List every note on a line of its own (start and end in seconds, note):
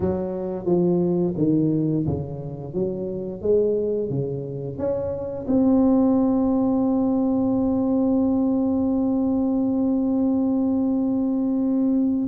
0.00 0.65 F#3
0.65 1.33 F3
1.37 2.05 D#3
2.06 2.73 C#3
2.73 3.41 F#3
3.41 4.09 G#3
4.09 4.78 C#3
4.78 5.46 C#4
5.47 12.28 C4